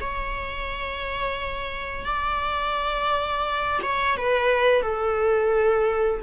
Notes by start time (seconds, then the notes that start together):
0.00 C#5
2.05 D5
3.82 C#5
4.17 B4
4.81 A4